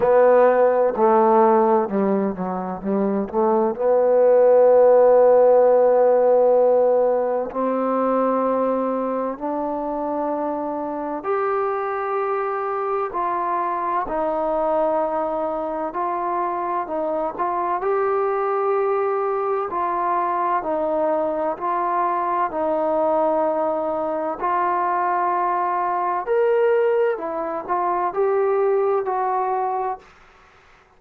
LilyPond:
\new Staff \with { instrumentName = "trombone" } { \time 4/4 \tempo 4 = 64 b4 a4 g8 fis8 g8 a8 | b1 | c'2 d'2 | g'2 f'4 dis'4~ |
dis'4 f'4 dis'8 f'8 g'4~ | g'4 f'4 dis'4 f'4 | dis'2 f'2 | ais'4 e'8 f'8 g'4 fis'4 | }